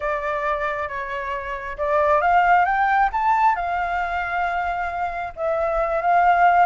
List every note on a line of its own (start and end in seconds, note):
0.00 0.88 D5
0.88 1.77 C#5
1.77 2.21 D5
2.21 2.65 F5
2.65 3.09 G5
3.12 3.55 A5
3.55 5.33 F5
5.36 6.01 E5
6.01 6.66 F5